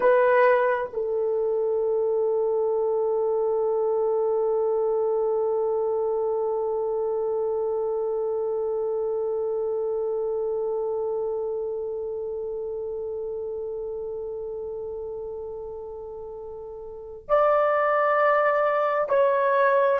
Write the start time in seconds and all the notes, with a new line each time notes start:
0.00 B4
0.93 A4
17.28 D5
19.08 C#5